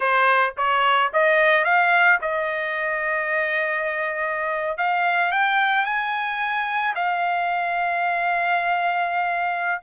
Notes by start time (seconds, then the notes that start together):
0.00 C5
0.57 C#5
1.13 D#5
1.64 F5
2.21 D#5
4.77 F5
5.31 G5
5.85 G#5
6.95 F5